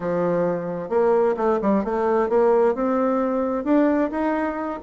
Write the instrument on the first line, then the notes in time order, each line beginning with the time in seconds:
bassoon
0.00 F3
0.89 A#3
1.36 A3
1.61 G3
1.84 A3
2.29 A#3
2.74 C4
3.64 D4
4.11 D#4